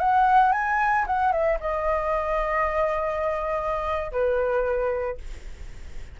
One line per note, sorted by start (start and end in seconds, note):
0.00 0.52 F#5
0.52 1.05 G#5
1.07 1.32 F#5
1.32 1.59 E5
1.60 4.12 D#5
4.12 5.18 B4